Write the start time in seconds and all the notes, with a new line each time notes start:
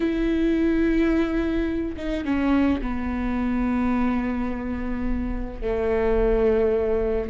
0.00 E4
1.96 D#4
2.24 C#4
2.81 B3
5.61 A3